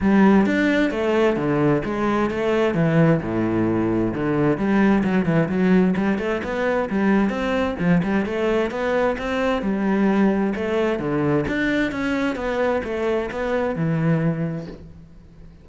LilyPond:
\new Staff \with { instrumentName = "cello" } { \time 4/4 \tempo 4 = 131 g4 d'4 a4 d4 | gis4 a4 e4 a,4~ | a,4 d4 g4 fis8 e8 | fis4 g8 a8 b4 g4 |
c'4 f8 g8 a4 b4 | c'4 g2 a4 | d4 d'4 cis'4 b4 | a4 b4 e2 | }